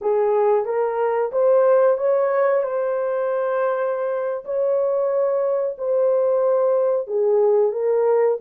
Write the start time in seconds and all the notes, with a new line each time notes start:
0.01 G#4
0.65 A#4
1.32 C5
1.97 C#5
2.63 C5
4.44 C#5
5.78 C5
7.07 G#4
7.72 A#4